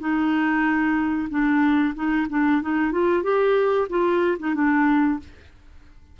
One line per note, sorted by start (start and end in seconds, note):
0.00 1.29 D#4
1.30 1.94 D4
1.95 2.28 D#4
2.30 2.62 D4
2.62 2.92 D#4
2.92 3.23 F4
3.23 3.88 G4
3.90 4.38 F4
4.39 4.55 D#4
4.55 5.20 D4